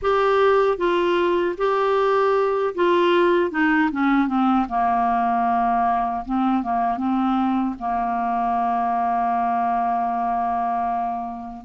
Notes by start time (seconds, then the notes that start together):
0.02 G4
0.77 F4
1.57 G4
2.74 F4
3.51 D#4
3.91 C#4
4.27 C4
4.69 A#3
6.25 C4
6.62 A#3
6.97 C4
7.78 A#3